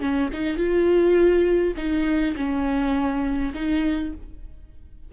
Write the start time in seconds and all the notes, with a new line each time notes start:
0.00 C#4
0.33 D#4
0.57 F4
1.77 D#4
2.36 C#4
3.54 D#4